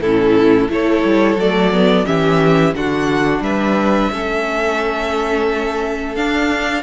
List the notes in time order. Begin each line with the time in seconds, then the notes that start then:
0.00 A2 C#4 E4 A4
0.69 A3 E4 A4 C#5
1.04 G3
1.36 F#3 A3 D5
1.72 B3
2.05 E3 C#4 G4 E5
2.74 D3 D4 F#4 F#5
3.40 G3 B4 E5
4.12 A3 C#4 A4
6.16 D4 F5